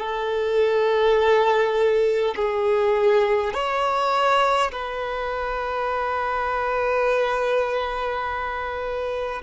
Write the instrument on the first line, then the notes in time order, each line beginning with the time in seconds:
violin
0.00 A4
2.36 G#4
3.54 C#5
4.72 B4